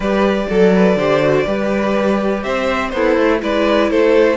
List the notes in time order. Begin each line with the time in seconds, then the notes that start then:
0.00 G3 G4 B4 D5
0.49 F#3 A4
0.75 B4
0.96 D3 G4 C5
1.20 F#4
1.46 G3 G4 B4
2.43 C4 C5 E5
2.90 B3 E4 A4 C5
3.17 A3
3.40 G#3 E4 B4 D5
3.90 A3 A4 C5